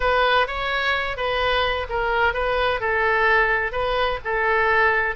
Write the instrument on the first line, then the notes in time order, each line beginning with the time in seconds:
oboe
0.00 B4
0.47 C#5
1.16 B4
1.89 A#4
2.33 B4
2.80 A4
3.72 B4
4.24 A4